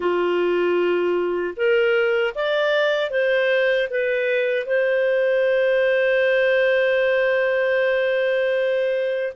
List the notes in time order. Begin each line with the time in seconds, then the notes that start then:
0.00 F4
1.56 A#4
2.34 D5
3.10 C5
3.90 B4
4.65 C5